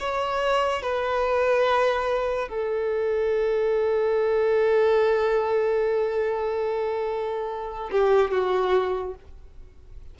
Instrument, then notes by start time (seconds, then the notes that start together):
violin
0.00 C#5
0.83 B4
2.49 A4
7.92 G4
8.31 F#4